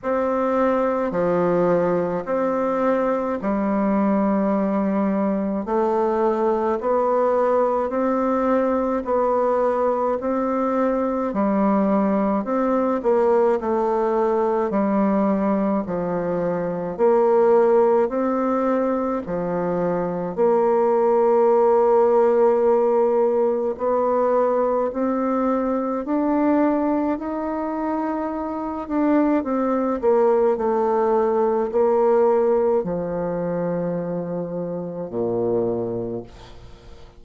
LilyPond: \new Staff \with { instrumentName = "bassoon" } { \time 4/4 \tempo 4 = 53 c'4 f4 c'4 g4~ | g4 a4 b4 c'4 | b4 c'4 g4 c'8 ais8 | a4 g4 f4 ais4 |
c'4 f4 ais2~ | ais4 b4 c'4 d'4 | dis'4. d'8 c'8 ais8 a4 | ais4 f2 ais,4 | }